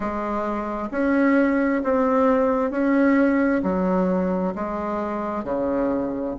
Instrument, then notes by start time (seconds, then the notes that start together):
bassoon
0.00 G#3
0.91 C#4
1.83 C4
2.70 C#4
3.63 F#3
4.55 G#3
5.44 C#3